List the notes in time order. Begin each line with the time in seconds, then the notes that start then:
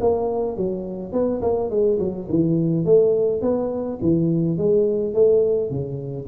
0.00 A#3
0.56 F#3
1.12 B3
1.42 A#3
1.70 G#3
1.99 F#3
2.29 E3
2.85 A3
3.41 B3
4.01 E3
4.57 G#3
5.14 A3
5.70 C#3